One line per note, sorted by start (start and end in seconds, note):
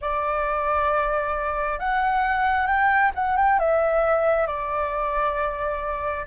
0.01 1.79 D5
1.79 2.66 F#5
2.66 3.11 G5
3.15 3.36 F#5
3.36 3.59 G5
3.59 4.47 E5
4.47 6.26 D5